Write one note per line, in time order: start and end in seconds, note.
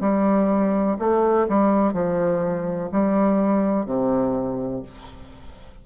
0.00 0.97 G3
0.99 1.47 A3
1.48 1.93 G3
1.93 2.89 F3
2.91 3.85 G3
3.85 4.82 C3